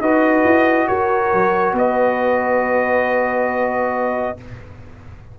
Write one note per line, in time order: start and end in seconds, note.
0.00 0.43 D#4
0.00 4.37 F#4
0.00 0.88 B4
0.00 0.88 D#5
0.44 0.88 E4
0.88 1.33 F#4
0.88 1.75 A#4
0.88 1.75 C#5
1.33 1.73 F#3
1.73 4.34 B3
1.73 4.39 B4
1.73 4.39 D#5